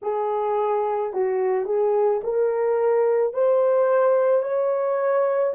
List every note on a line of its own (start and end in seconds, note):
0.02 1.13 G#4
1.13 1.65 F#4
1.65 2.20 G#4
2.23 3.33 A#4
3.33 4.42 C5
4.42 5.53 C#5